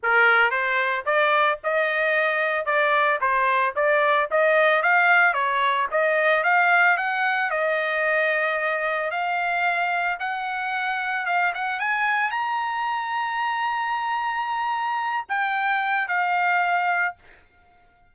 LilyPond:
\new Staff \with { instrumentName = "trumpet" } { \time 4/4 \tempo 4 = 112 ais'4 c''4 d''4 dis''4~ | dis''4 d''4 c''4 d''4 | dis''4 f''4 cis''4 dis''4 | f''4 fis''4 dis''2~ |
dis''4 f''2 fis''4~ | fis''4 f''8 fis''8 gis''4 ais''4~ | ais''1~ | ais''8 g''4. f''2 | }